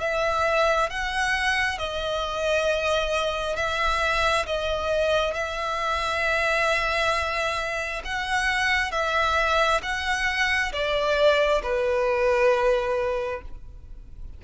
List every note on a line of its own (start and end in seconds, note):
0.00 0.90 E5
0.90 1.78 F#5
1.78 3.56 D#5
3.56 4.45 E5
4.46 5.33 D#5
5.33 8.02 E5
8.04 8.91 F#5
8.91 9.81 E5
9.82 10.72 F#5
10.72 11.62 D5
11.62 13.41 B4